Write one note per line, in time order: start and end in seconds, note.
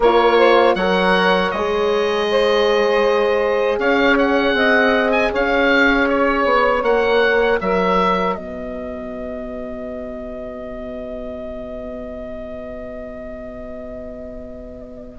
0.00 0.74 A#3
0.00 0.78 F4
0.00 0.37 A#4
0.00 0.75 C#5
0.37 0.75 C5
0.74 1.50 F#3
0.74 1.54 A#4
0.74 2.27 C#5
0.74 1.51 F#5
1.51 3.78 G#3
1.51 6.84 G#4
1.51 3.79 D#5
2.30 3.78 C5
3.78 4.53 C#4
3.78 4.54 C#5
3.78 4.17 F5
4.17 5.11 F#5
4.53 5.29 C4
4.53 5.31 D#5
5.11 5.30 G#5
5.31 6.44 C#4
5.31 7.59 C#5
5.31 6.09 F5
6.09 6.83 C#5
6.44 6.82 B3
6.82 7.58 A#3
6.82 15.19 F#4
6.82 7.59 F#5
7.60 8.35 F#3
7.60 8.38 A#4
7.60 8.34 E5
8.34 15.19 B3
8.34 15.19 B4
8.34 15.18 D#5